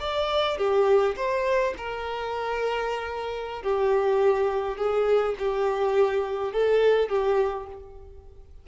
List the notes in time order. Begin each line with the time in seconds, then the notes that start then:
0.00 D5
0.58 G4
1.16 C5
1.78 A#4
3.63 G4
4.78 G#4
5.39 G4
6.53 A4
7.09 G4